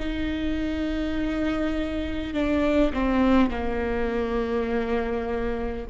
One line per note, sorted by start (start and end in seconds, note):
0.00 2.34 D#4
2.34 2.93 D4
2.94 3.50 C4
3.50 5.86 A#3